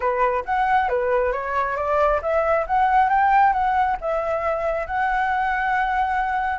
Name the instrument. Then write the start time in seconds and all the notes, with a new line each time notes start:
flute
0.00 B4
0.45 F#5
0.88 B4
1.32 C#5
1.76 D5
2.22 E5
2.66 F#5
3.09 G5
3.53 F#5
4.00 E5
4.86 F#5